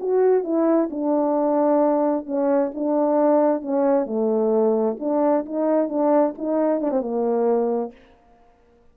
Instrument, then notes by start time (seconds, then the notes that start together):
horn
0.00 F#4
0.44 E4
0.90 D4
2.26 C#4
2.74 D4
3.62 C#4
4.06 A3
5.00 D4
5.45 D#4
5.89 D4
6.38 D#4
6.81 D4
6.91 C4
7.01 A#3